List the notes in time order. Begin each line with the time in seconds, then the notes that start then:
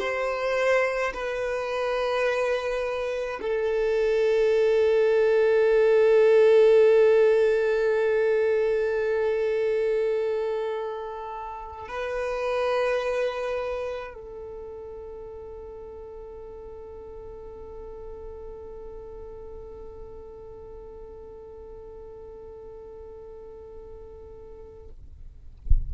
0.00 C5
1.14 B4
3.41 A4
11.88 B4
14.14 A4